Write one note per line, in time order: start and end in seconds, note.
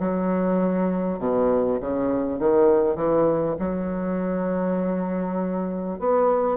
0.00 1.19 F#3
1.19 1.79 B2
1.81 2.40 C#3
2.40 2.96 D#3
2.96 3.56 E3
3.60 5.99 F#3
5.99 6.58 B3